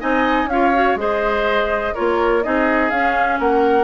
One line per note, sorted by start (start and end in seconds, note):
0.00 0.46 C4
0.00 0.48 D#4
0.00 0.49 D#5
0.00 0.49 G#5
0.46 0.94 C#4
0.46 0.98 F5
0.52 0.74 F4
0.52 1.00 C#5
0.74 0.98 F#4
0.96 1.93 G#3
0.96 1.95 G#4
0.96 1.95 C5
0.96 1.95 D#5
1.95 2.46 A#3
1.95 2.43 F4
1.95 2.43 A#4
1.95 2.44 C#5
2.43 2.91 C4
2.43 2.92 D#4
2.43 3.40 G#4
2.43 2.90 D#5
2.90 3.40 C#4
2.90 3.85 C#4
2.90 3.39 F5
3.40 3.85 A#3
3.40 3.85 A#4
3.40 3.85 F#5